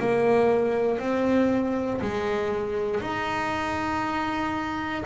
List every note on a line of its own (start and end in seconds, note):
0.00 0.99 A#3
0.99 2.01 C4
2.02 3.01 G#3
3.01 5.04 D#4